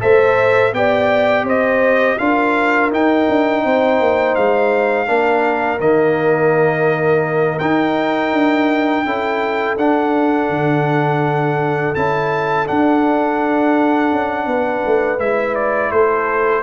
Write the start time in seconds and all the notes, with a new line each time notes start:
0.00 A3 A4 C5 E5
0.73 B3 G4 D5 G5
1.43 C4 C5 D#5
2.18 D4 F4 A#4 F5
2.91 D#4 G5
3.29 D4
3.64 C4 C5
4.00 A#3
4.35 G#3 F5
5.07 A#3 D4 A#4
5.79 D#3 A#3 D#5
7.59 D#4 G5
8.33 D4
9.05 C#4 E4 A4
9.78 D4 F#5
10.50 D3
11.95 C#4 E4 A5
12.66 D4 F#5
14.11 C#4
14.46 B3 B4
14.86 A3
15.19 G#3 E4 E5
15.55 D5
15.91 A3 A4 C5